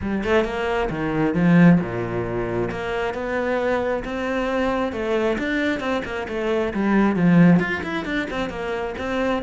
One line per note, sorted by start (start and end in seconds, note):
0.01 0.24 G3
0.24 0.44 A3
0.44 0.89 A#3
0.89 1.34 D#3
1.34 1.79 F3
1.80 2.70 A#2
2.70 3.14 A#3
3.14 4.03 B3
4.04 4.92 C4
4.92 5.37 A3
5.38 5.80 D4
5.80 6.02 C4
6.04 6.27 A#3
6.28 6.73 A3
6.73 7.16 G3
7.16 7.59 F3
7.59 7.82 F4
7.83 8.05 E4
8.05 8.27 D4
8.30 8.49 C4
8.49 8.94 A#3
8.98 9.42 C4